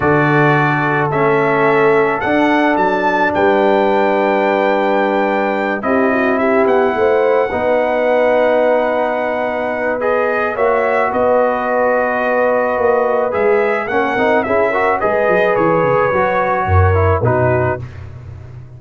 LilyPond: <<
  \new Staff \with { instrumentName = "trumpet" } { \time 4/4 \tempo 4 = 108 d''2 e''2 | fis''4 a''4 g''2~ | g''2~ g''8 dis''4 e''8 | fis''1~ |
fis''2 dis''4 e''4 | dis''1 | e''4 fis''4 e''4 dis''4 | cis''2. b'4 | }
  \new Staff \with { instrumentName = "horn" } { \time 4/4 a'1~ | a'2 b'2~ | b'2~ b'8 g'8 fis'8 g'8~ | g'8 c''4 b'2~ b'8~ |
b'2. cis''4 | b'1~ | b'4 ais'4 gis'8 ais'8 b'4~ | b'2 ais'4 fis'4 | }
  \new Staff \with { instrumentName = "trombone" } { \time 4/4 fis'2 cis'2 | d'1~ | d'2~ d'8 e'4.~ | e'4. dis'2~ dis'8~ |
dis'2 gis'4 fis'4~ | fis'1 | gis'4 cis'8 dis'8 e'8 fis'8 gis'4~ | gis'4 fis'4. e'8 dis'4 | }
  \new Staff \with { instrumentName = "tuba" } { \time 4/4 d2 a2 | d'4 fis4 g2~ | g2~ g8 c'4. | b8 a4 b2~ b8~ |
b2. ais4 | b2. ais4 | gis4 ais8 c'8 cis'4 gis8 fis8 | e8 cis8 fis4 fis,4 b,4 | }
>>